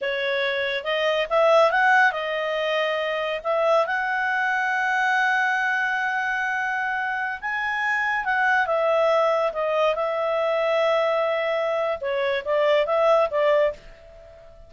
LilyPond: \new Staff \with { instrumentName = "clarinet" } { \time 4/4 \tempo 4 = 140 cis''2 dis''4 e''4 | fis''4 dis''2. | e''4 fis''2.~ | fis''1~ |
fis''4~ fis''16 gis''2 fis''8.~ | fis''16 e''2 dis''4 e''8.~ | e''1 | cis''4 d''4 e''4 d''4 | }